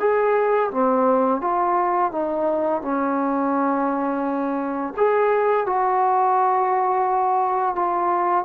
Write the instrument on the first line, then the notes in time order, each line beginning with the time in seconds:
trombone
0.00 G#4
0.71 C4
1.41 F4
2.12 D#4
2.82 C#4
4.97 G#4
5.67 F#4
7.76 F4